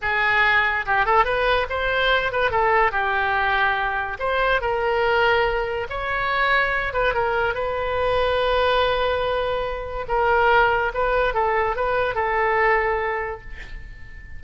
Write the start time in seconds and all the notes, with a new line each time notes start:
0.01 G#4
0.85 G4
1.05 A4
1.24 B4
1.69 C5
2.32 B4
2.50 A4
2.91 G4
4.19 C5
4.61 A#4
5.89 C#5
6.93 B4
7.13 A#4
7.54 B4
10.08 A#4
10.93 B4
11.34 A4
11.75 B4
12.15 A4